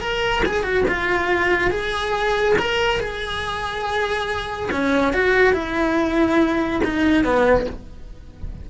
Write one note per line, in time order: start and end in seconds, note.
0.00 0.43 A#4
0.45 0.63 G#4
0.63 0.84 F#4
0.87 1.70 F4
1.70 2.56 G#4
2.59 3.00 A#4
3.00 4.70 G#4
4.71 5.13 C#4
5.13 5.53 F#4
5.53 6.80 E4
6.84 7.24 D#4
7.24 7.66 B3